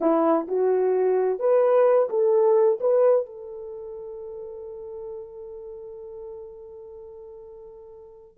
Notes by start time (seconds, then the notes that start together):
0.00 E4
0.47 F#4
1.39 B4
2.09 A4
2.80 B4
3.26 A4